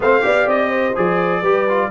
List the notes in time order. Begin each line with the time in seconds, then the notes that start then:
0.00 A3 C4 C5 F5
0.21 B3 G4 D5
0.46 C4 D#5
0.69 C5
0.95 F3 G#4 D5
1.41 G3 G4 B4
1.68 F4